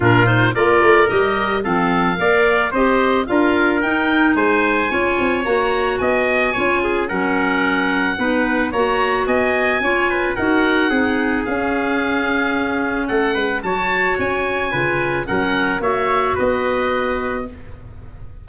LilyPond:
<<
  \new Staff \with { instrumentName = "oboe" } { \time 4/4 \tempo 4 = 110 ais'8 c''8 d''4 dis''4 f''4~ | f''4 dis''4 f''4 g''4 | gis''2 ais''4 gis''4~ | gis''4 fis''2. |
ais''4 gis''2 fis''4~ | fis''4 f''2. | fis''4 a''4 gis''2 | fis''4 e''4 dis''2 | }
  \new Staff \with { instrumentName = "trumpet" } { \time 4/4 f'4 ais'2 a'4 | d''4 c''4 ais'2 | c''4 cis''2 dis''4 | cis''8 gis'8 ais'2 b'4 |
cis''4 dis''4 cis''8 b'8 ais'4 | gis'1 | a'8 b'8 cis''2 b'4 | ais'4 cis''4 b'2 | }
  \new Staff \with { instrumentName = "clarinet" } { \time 4/4 d'8 dis'8 f'4 g'4 c'4 | ais'4 g'4 f'4 dis'4~ | dis'4 f'4 fis'2 | f'4 cis'2 dis'4 |
fis'2 f'4 fis'4 | dis'4 cis'2.~ | cis'4 fis'2 f'4 | cis'4 fis'2. | }
  \new Staff \with { instrumentName = "tuba" } { \time 4/4 ais,4 ais8 a8 g4 f4 | ais4 c'4 d'4 dis'4 | gis4 cis'8 c'8 ais4 b4 | cis'4 fis2 b4 |
ais4 b4 cis'4 dis'4 | c'4 cis'2. | a8 gis8 fis4 cis'4 cis4 | fis4 ais4 b2 | }
>>